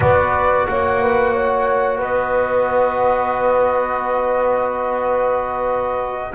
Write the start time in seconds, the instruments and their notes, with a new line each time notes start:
0.00 double bass B3, trombone F#4, horn B4, flute D5
0.65 double bass A#3, horn C#5, flute F#5
1.02 horn B4
1.32 horn C#5
1.97 double bass B3, horn B4, flute D#5